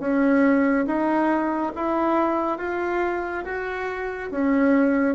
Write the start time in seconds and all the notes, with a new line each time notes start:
0.00 C#4
0.87 D#4
1.76 E4
2.58 F4
3.45 F#4
4.31 C#4